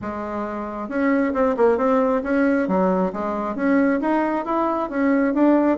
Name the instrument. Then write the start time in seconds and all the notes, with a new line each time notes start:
bassoon
0.01 G#3
0.88 C#4
1.33 C4
1.57 A#3
1.77 C4
2.23 C#4
2.68 F#3
3.13 G#3
3.55 C#4
4.00 D#4
4.45 E4
4.89 C#4
5.33 D4